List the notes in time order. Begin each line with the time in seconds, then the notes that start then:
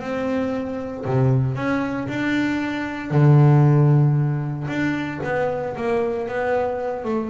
0.00 C4
1.05 C3
1.56 C#4
2.08 D4
3.11 D3
4.68 D4
5.24 B3
5.77 A#3
6.28 B3
7.04 A3